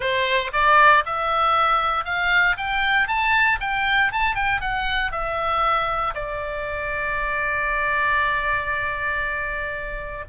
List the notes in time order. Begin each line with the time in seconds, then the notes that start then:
0.00 C5
0.52 D5
1.05 E5
2.05 F5
2.57 G5
3.07 A5
3.60 G5
4.12 A5
4.34 G5
4.60 F#5
5.11 E5
6.14 D5